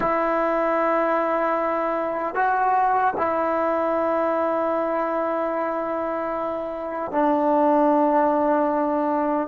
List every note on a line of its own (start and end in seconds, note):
0.00 2.35 E4
2.35 3.14 F#4
3.17 7.11 E4
7.11 9.47 D4